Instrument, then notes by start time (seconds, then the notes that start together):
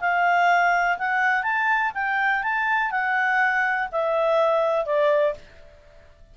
clarinet
0.00 F5
0.98 F#5
1.43 A5
1.94 G5
2.43 A5
2.91 F#5
3.92 E5
4.85 D5